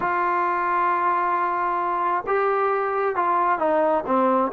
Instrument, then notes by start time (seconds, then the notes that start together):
trombone
0.00 F4
2.27 G4
3.15 F4
3.58 D#4
4.06 C4